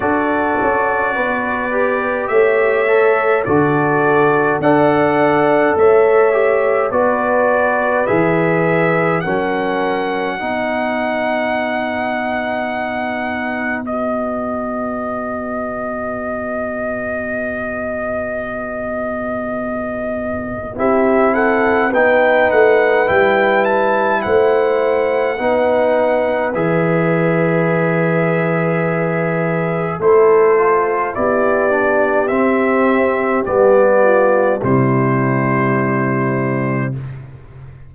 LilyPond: <<
  \new Staff \with { instrumentName = "trumpet" } { \time 4/4 \tempo 4 = 52 d''2 e''4 d''4 | fis''4 e''4 d''4 e''4 | fis''1 | dis''1~ |
dis''2 e''8 fis''8 g''8 fis''8 | g''8 a''8 fis''2 e''4~ | e''2 c''4 d''4 | e''4 d''4 c''2 | }
  \new Staff \with { instrumentName = "horn" } { \time 4/4 a'4 b'4 cis''4 a'4 | d''4 cis''4 b'2 | ais'4 b'2.~ | b'1~ |
b'2 g'8 a'8 b'4~ | b'4 c''4 b'2~ | b'2 a'4 g'4~ | g'4. f'8 e'2 | }
  \new Staff \with { instrumentName = "trombone" } { \time 4/4 fis'4. g'4 a'8 fis'4 | a'4. g'8 fis'4 gis'4 | cis'4 dis'2. | fis'1~ |
fis'2 e'4 dis'4 | e'2 dis'4 gis'4~ | gis'2 e'8 f'8 e'8 d'8 | c'4 b4 g2 | }
  \new Staff \with { instrumentName = "tuba" } { \time 4/4 d'8 cis'8 b4 a4 d4 | d'4 a4 b4 e4 | fis4 b2.~ | b1~ |
b2 c'4 b8 a8 | g4 a4 b4 e4~ | e2 a4 b4 | c'4 g4 c2 | }
>>